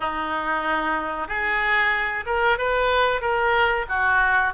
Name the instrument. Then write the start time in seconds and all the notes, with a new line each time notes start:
oboe
0.00 D#4
1.28 G#4
2.26 A#4
2.58 B4
3.21 A#4
3.89 F#4